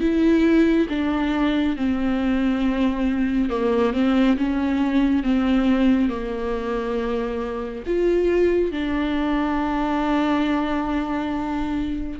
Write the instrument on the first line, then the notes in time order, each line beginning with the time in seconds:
viola
0.00 E4
0.89 D4
1.76 C4
3.49 A#3
3.93 C4
4.37 C#4
5.23 C4
6.09 A#3
7.87 F4
8.72 D4